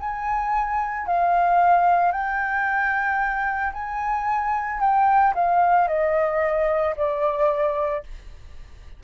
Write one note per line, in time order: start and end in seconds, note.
0.00 1.07 G#5
1.07 2.12 F5
2.12 3.73 G5
3.73 4.80 G#5
4.81 5.34 G5
5.35 5.88 F5
5.88 6.95 D#5
6.96 8.04 D5